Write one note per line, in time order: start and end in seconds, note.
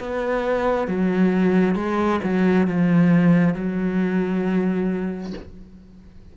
0.00 0.88 B3
0.88 1.75 F#3
1.75 2.20 G#3
2.24 2.68 F#3
2.68 3.55 F3
3.55 5.34 F#3